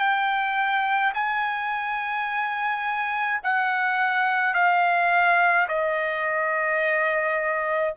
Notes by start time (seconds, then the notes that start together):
0.00 G5
1.15 G#5
3.44 F#5
4.54 F5
5.69 D#5